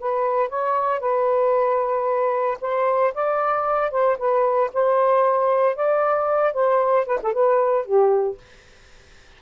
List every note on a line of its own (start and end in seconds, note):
0.00 0.49 B4
0.49 1.00 C#5
1.00 2.58 B4
2.61 3.14 C5
3.15 3.91 D5
3.91 4.18 C5
4.18 4.71 B4
4.74 5.76 C5
5.76 6.54 D5
6.54 7.06 C5
7.07 7.20 B4
7.23 7.33 A4
7.33 7.86 B4
7.86 8.38 G4